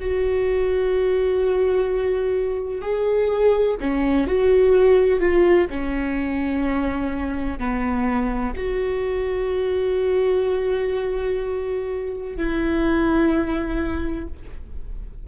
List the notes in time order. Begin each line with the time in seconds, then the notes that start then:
0.00 F#4
2.82 G#4
3.81 C#4
4.27 F#4
5.20 F4
5.71 C#4
7.59 B3
8.57 F#4
12.37 E4